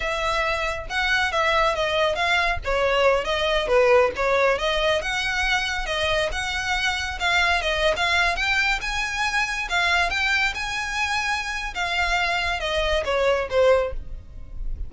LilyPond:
\new Staff \with { instrumentName = "violin" } { \time 4/4 \tempo 4 = 138 e''2 fis''4 e''4 | dis''4 f''4 cis''4. dis''8~ | dis''8 b'4 cis''4 dis''4 fis''8~ | fis''4. dis''4 fis''4.~ |
fis''8 f''4 dis''8. f''4 g''8.~ | g''16 gis''2 f''4 g''8.~ | g''16 gis''2~ gis''8. f''4~ | f''4 dis''4 cis''4 c''4 | }